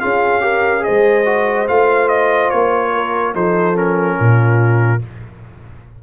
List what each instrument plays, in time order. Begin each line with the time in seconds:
0.00 tuba C#4, trombone F4, horn G#4, trumpet F5
0.41 trombone G4, horn A#4
0.80 trombone G#4, horn C5, trumpet D#5
0.88 tuba G#3
1.25 trombone F#4
1.68 tuba A3, trombone F4, trumpet F5
2.08 trumpet D#5
2.50 tuba A#3, trumpet C#5
2.93 horn A#4
3.34 tuba F3, trombone D#4, horn A4, trumpet C5
3.74 trombone C#4, trumpet A#4
4.17 tuba A#2, horn F4